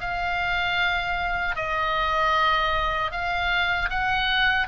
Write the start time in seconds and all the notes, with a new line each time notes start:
0.00 F5
1.55 D#5
3.11 F5
3.89 F#5